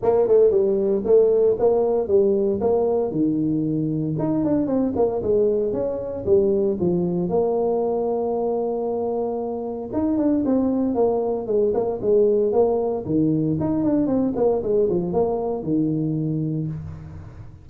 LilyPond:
\new Staff \with { instrumentName = "tuba" } { \time 4/4 \tempo 4 = 115 ais8 a8 g4 a4 ais4 | g4 ais4 dis2 | dis'8 d'8 c'8 ais8 gis4 cis'4 | g4 f4 ais2~ |
ais2. dis'8 d'8 | c'4 ais4 gis8 ais8 gis4 | ais4 dis4 dis'8 d'8 c'8 ais8 | gis8 f8 ais4 dis2 | }